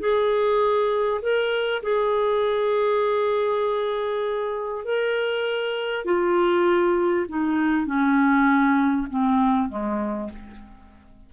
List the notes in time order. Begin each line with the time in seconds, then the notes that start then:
0.00 G#4
1.22 A#4
1.83 G#4
4.85 A#4
6.06 F4
7.29 D#4
7.87 C#4
9.10 C4
9.69 G#3